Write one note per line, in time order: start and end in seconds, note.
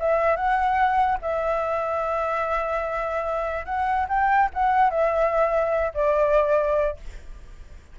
0.00 0.36 E5
0.36 1.18 F#5
1.22 3.66 E5
3.66 4.07 F#5
4.09 4.50 G5
4.54 4.90 F#5
4.90 5.93 E5
5.94 6.97 D5